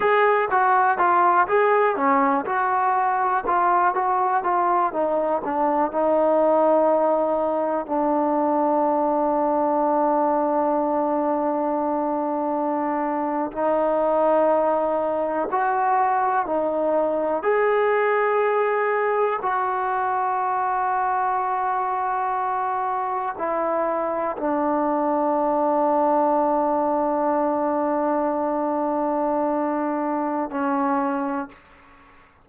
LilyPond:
\new Staff \with { instrumentName = "trombone" } { \time 4/4 \tempo 4 = 61 gis'8 fis'8 f'8 gis'8 cis'8 fis'4 f'8 | fis'8 f'8 dis'8 d'8 dis'2 | d'1~ | d'4.~ d'16 dis'2 fis'16~ |
fis'8. dis'4 gis'2 fis'16~ | fis'2.~ fis'8. e'16~ | e'8. d'2.~ d'16~ | d'2. cis'4 | }